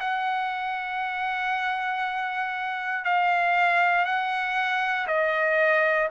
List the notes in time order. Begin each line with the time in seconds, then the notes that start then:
0.00 F#5
3.05 F5
4.05 F#5
5.08 D#5